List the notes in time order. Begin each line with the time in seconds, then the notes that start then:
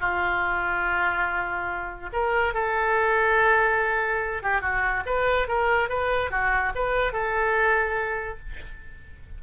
0.00 F4
2.12 A#4
2.54 A4
4.43 G4
4.61 F#4
5.06 B4
5.48 A#4
5.89 B4
6.31 F#4
6.75 B4
7.13 A4